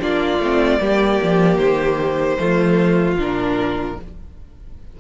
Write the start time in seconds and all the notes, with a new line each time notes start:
0.00 A#3 D4 F4 D5
0.39 A3 C4
0.81 G3 A#3 G4
1.23 F3
1.58 D#3 C5
2.39 F3 A3 F4
3.17 A#2 D4 A#4